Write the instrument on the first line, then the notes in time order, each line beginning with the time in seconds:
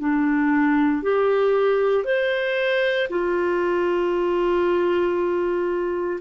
clarinet
0.00 D4
1.03 G4
2.05 C5
3.10 F4